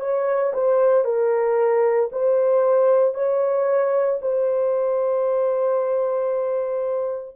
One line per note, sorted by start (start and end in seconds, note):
0.00 0.53 C#5
0.54 1.04 C5
1.04 2.10 A#4
2.12 3.14 C5
3.14 4.20 C#5
4.22 7.36 C5